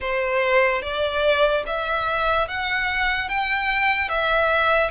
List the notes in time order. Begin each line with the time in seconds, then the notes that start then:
0.00 C5
0.81 D5
1.66 E5
2.47 F#5
3.28 G5
4.08 E5